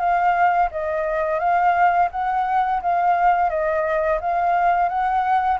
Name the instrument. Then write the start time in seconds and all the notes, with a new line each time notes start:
flute
0.00 F5
0.72 D#5
1.40 F5
2.12 F#5
2.83 F5
3.50 D#5
4.21 F5
4.89 F#5